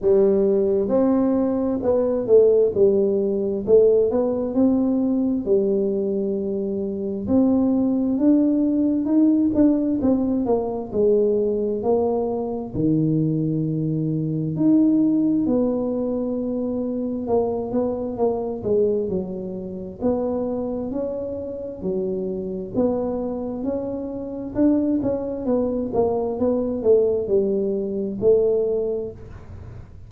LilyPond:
\new Staff \with { instrumentName = "tuba" } { \time 4/4 \tempo 4 = 66 g4 c'4 b8 a8 g4 | a8 b8 c'4 g2 | c'4 d'4 dis'8 d'8 c'8 ais8 | gis4 ais4 dis2 |
dis'4 b2 ais8 b8 | ais8 gis8 fis4 b4 cis'4 | fis4 b4 cis'4 d'8 cis'8 | b8 ais8 b8 a8 g4 a4 | }